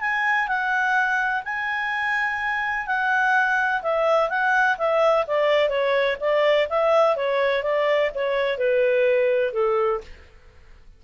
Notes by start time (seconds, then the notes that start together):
0.00 G#5
0.47 F#5
1.45 G#5
2.86 F#5
3.82 E5
4.29 F#5
4.77 E5
5.27 D5
5.69 C#5
6.20 D5
6.69 E5
7.16 C#5
7.63 D5
8.15 C#5
8.58 B4
9.53 A4